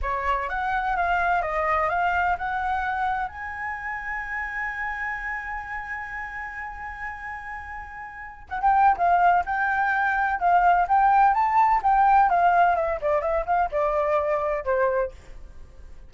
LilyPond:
\new Staff \with { instrumentName = "flute" } { \time 4/4 \tempo 4 = 127 cis''4 fis''4 f''4 dis''4 | f''4 fis''2 gis''4~ | gis''1~ | gis''1~ |
gis''2 fis''16 g''8. f''4 | g''2 f''4 g''4 | a''4 g''4 f''4 e''8 d''8 | e''8 f''8 d''2 c''4 | }